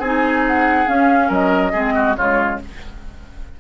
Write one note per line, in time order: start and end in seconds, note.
0.00 0.86 C4
0.00 0.87 D#4
0.00 1.29 G#4
0.00 0.44 G#5
0.48 0.89 F#5
0.87 1.73 C#4
0.87 1.30 C#4
0.87 1.32 F5
1.29 1.73 F#3
1.29 1.72 A#4
1.29 2.16 D#5
1.72 2.17 G#3
1.72 2.17 C4
1.72 1.94 G#4
1.95 2.17 F#4
2.16 2.61 C#3
2.16 2.60 G#3
2.16 2.61 F4
2.16 2.59 C#5